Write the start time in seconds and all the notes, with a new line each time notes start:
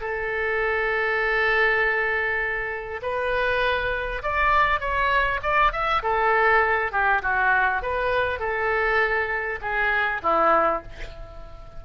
0.00 A4
3.02 B4
4.22 D5
4.80 C#5
5.42 D5
5.72 E5
6.02 A4
6.91 G4
7.22 F#4
7.82 B4
8.39 A4
9.61 G#4
10.22 E4